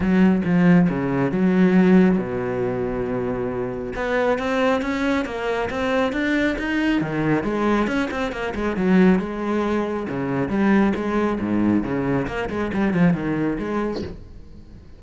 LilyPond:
\new Staff \with { instrumentName = "cello" } { \time 4/4 \tempo 4 = 137 fis4 f4 cis4 fis4~ | fis4 b,2.~ | b,4 b4 c'4 cis'4 | ais4 c'4 d'4 dis'4 |
dis4 gis4 cis'8 c'8 ais8 gis8 | fis4 gis2 cis4 | g4 gis4 gis,4 cis4 | ais8 gis8 g8 f8 dis4 gis4 | }